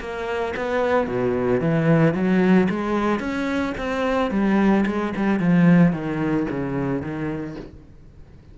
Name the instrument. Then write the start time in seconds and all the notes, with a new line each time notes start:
cello
0.00 A#3
0.57 B3
1.07 B2
1.60 E3
2.14 F#3
2.70 G#3
3.20 C#4
3.78 C4
4.31 G3
4.86 G#3
5.17 G3
5.40 F3
5.92 D#3
6.50 C#3
7.02 D#3